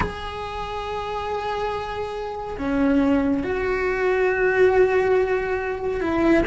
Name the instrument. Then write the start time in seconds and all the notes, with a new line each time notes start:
cello
0.00 G#4
2.58 C#4
3.43 F#4
6.00 E4